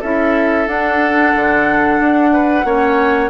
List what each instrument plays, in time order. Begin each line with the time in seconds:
0.00 bassoon C#4, clarinet E4, oboe A4, flute E5
0.67 bassoon D4, clarinet D4, flute F#5
1.35 bassoon D3
2.00 bassoon D4
2.33 oboe B4
2.65 bassoon A#3, clarinet C#4, oboe C#5